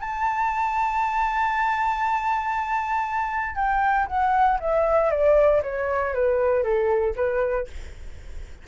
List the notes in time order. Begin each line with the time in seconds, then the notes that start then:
0.00 A5
3.55 G5
4.07 F#5
4.60 E5
5.10 D5
5.62 C#5
6.14 B4
6.63 A4
7.16 B4